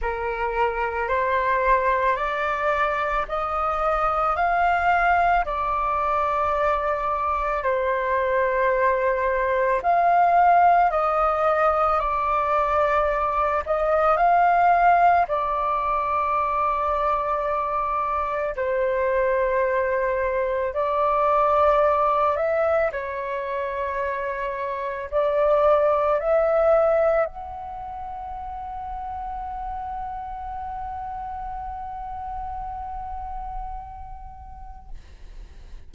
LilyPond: \new Staff \with { instrumentName = "flute" } { \time 4/4 \tempo 4 = 55 ais'4 c''4 d''4 dis''4 | f''4 d''2 c''4~ | c''4 f''4 dis''4 d''4~ | d''8 dis''8 f''4 d''2~ |
d''4 c''2 d''4~ | d''8 e''8 cis''2 d''4 | e''4 fis''2.~ | fis''1 | }